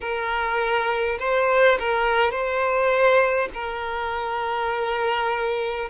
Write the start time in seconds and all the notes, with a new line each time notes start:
0.01 A#4
1.19 C5
1.79 A#4
2.31 C5
3.53 A#4